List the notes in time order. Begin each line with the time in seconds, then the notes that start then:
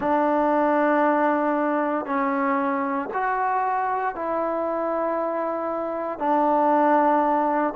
0.00 D4
2.05 C#4
3.13 F#4
4.15 E4
6.18 D4